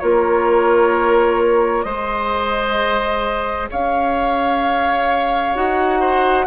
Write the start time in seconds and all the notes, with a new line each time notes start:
0.00 A#3 F4 A#4 C#5
1.84 G#3 G#4 C5 D#5
3.71 C#4 C#5 F5
5.55 D#4 F#4 F#5
6.00 C5